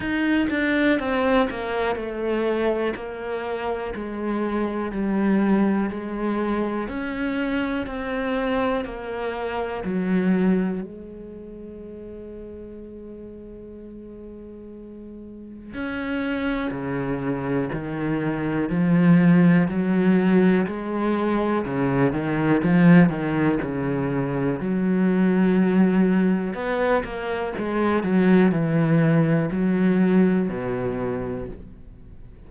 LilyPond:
\new Staff \with { instrumentName = "cello" } { \time 4/4 \tempo 4 = 61 dis'8 d'8 c'8 ais8 a4 ais4 | gis4 g4 gis4 cis'4 | c'4 ais4 fis4 gis4~ | gis1 |
cis'4 cis4 dis4 f4 | fis4 gis4 cis8 dis8 f8 dis8 | cis4 fis2 b8 ais8 | gis8 fis8 e4 fis4 b,4 | }